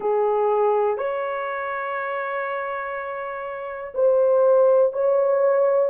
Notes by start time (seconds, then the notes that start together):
0.00 G#4
0.97 C#5
3.94 C5
4.92 C#5